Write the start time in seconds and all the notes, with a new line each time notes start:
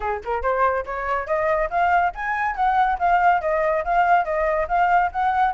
0.00 G#4
0.24 A#4
0.42 C5
0.85 C#5
1.26 D#5
1.69 F5
2.15 G#5
2.55 F#5
2.98 F5
3.41 D#5
3.84 F5
4.24 D#5
4.68 F5
5.12 F#5